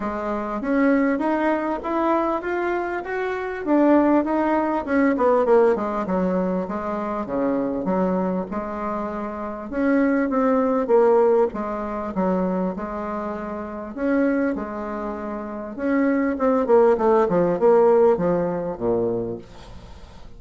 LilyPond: \new Staff \with { instrumentName = "bassoon" } { \time 4/4 \tempo 4 = 99 gis4 cis'4 dis'4 e'4 | f'4 fis'4 d'4 dis'4 | cis'8 b8 ais8 gis8 fis4 gis4 | cis4 fis4 gis2 |
cis'4 c'4 ais4 gis4 | fis4 gis2 cis'4 | gis2 cis'4 c'8 ais8 | a8 f8 ais4 f4 ais,4 | }